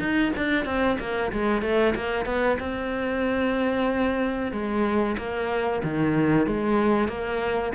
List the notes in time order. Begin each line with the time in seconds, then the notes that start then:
0.00 D#4
0.37 D4
0.65 C4
1.00 A#3
1.33 G#3
1.62 A3
1.96 A#3
2.26 B3
2.60 C4
4.52 G#3
5.18 A#3
5.84 D#3
6.47 G#3
7.09 A#3